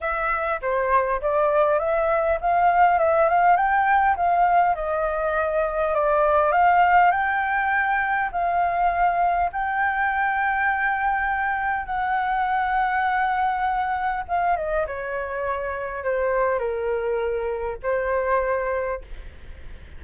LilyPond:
\new Staff \with { instrumentName = "flute" } { \time 4/4 \tempo 4 = 101 e''4 c''4 d''4 e''4 | f''4 e''8 f''8 g''4 f''4 | dis''2 d''4 f''4 | g''2 f''2 |
g''1 | fis''1 | f''8 dis''8 cis''2 c''4 | ais'2 c''2 | }